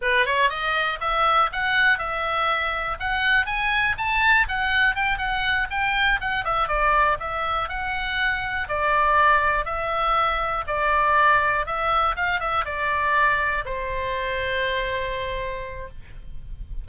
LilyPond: \new Staff \with { instrumentName = "oboe" } { \time 4/4 \tempo 4 = 121 b'8 cis''8 dis''4 e''4 fis''4 | e''2 fis''4 gis''4 | a''4 fis''4 g''8 fis''4 g''8~ | g''8 fis''8 e''8 d''4 e''4 fis''8~ |
fis''4. d''2 e''8~ | e''4. d''2 e''8~ | e''8 f''8 e''8 d''2 c''8~ | c''1 | }